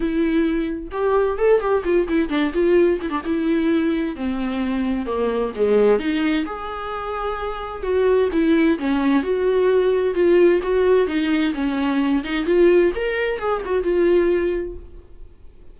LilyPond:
\new Staff \with { instrumentName = "viola" } { \time 4/4 \tempo 4 = 130 e'2 g'4 a'8 g'8 | f'8 e'8 d'8 f'4 e'16 d'16 e'4~ | e'4 c'2 ais4 | gis4 dis'4 gis'2~ |
gis'4 fis'4 e'4 cis'4 | fis'2 f'4 fis'4 | dis'4 cis'4. dis'8 f'4 | ais'4 gis'8 fis'8 f'2 | }